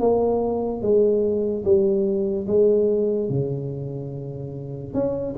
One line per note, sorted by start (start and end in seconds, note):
0.00 0.82 A#3
0.82 1.64 G#3
1.65 2.47 G3
2.47 3.30 G#3
3.30 4.94 C#3
4.94 5.35 C#4